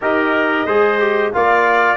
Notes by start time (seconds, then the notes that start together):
0.01 D#4 G4 A#4 D#5
0.66 G#3 G#4 C5
0.99 G4
1.32 A#3 F4 D5 F5